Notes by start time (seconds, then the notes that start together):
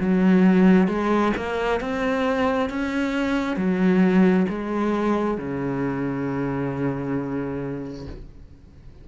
0.00 F#3
0.88 G#3
1.37 A#3
1.80 C4
2.69 C#4
3.56 F#3
4.49 G#3
5.37 C#3